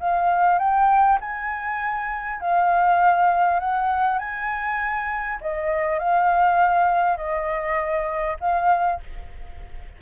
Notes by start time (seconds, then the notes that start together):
0.00 F5
0.59 G5
1.21 G#5
2.41 F5
3.60 F#5
4.19 G#5
5.41 D#5
5.99 F5
7.18 D#5
8.40 F5